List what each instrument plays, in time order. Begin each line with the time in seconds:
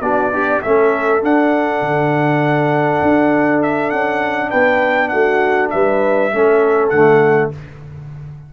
0.00 tuba B3, trombone D4, horn F#4, trumpet D5
0.32 horn D4, trombone G4
0.62 tuba A3, trombone C#4, horn A4, trumpet E5
1.21 trombone D4, tuba D4, trumpet F#5
1.81 tuba D3
3.02 tuba D4
3.62 trumpet E5
3.90 tuba C#4, trumpet F#5
4.49 tuba B3, horn B4, trumpet G5
5.08 tuba A3, horn F#4, trumpet F#5
5.70 tuba G3, horn B4, trumpet E5
6.32 tuba A3, trombone C#4, horn A4
6.89 tuba D3, trombone A3, trumpet F#5